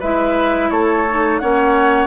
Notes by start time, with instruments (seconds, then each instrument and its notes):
0.00 bassoon G#3, clarinet E4, oboe B4, flute E5
0.70 bassoon A3, oboe A4, flute C#5
1.09 clarinet D#4
1.39 bassoon A#3, clarinet C#4, oboe C#5, flute F#5